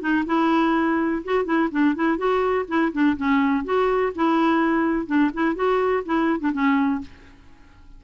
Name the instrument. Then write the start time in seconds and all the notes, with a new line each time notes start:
clarinet
0.00 D#4
0.26 E4
1.24 F#4
1.45 E4
1.71 D4
1.95 E4
2.17 F#4
2.68 E4
2.92 D4
3.17 C#4
3.64 F#4
4.15 E4
5.06 D4
5.34 E4
5.55 F#4
6.05 E4
6.40 D4
6.53 C#4